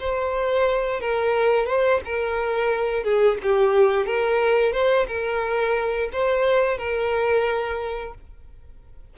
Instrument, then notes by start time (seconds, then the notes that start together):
violin
0.00 C5
1.01 A#4
1.66 C5
2.05 A#4
3.04 G#4
3.43 G4
4.06 A#4
4.73 C5
5.08 A#4
6.13 C5
6.78 A#4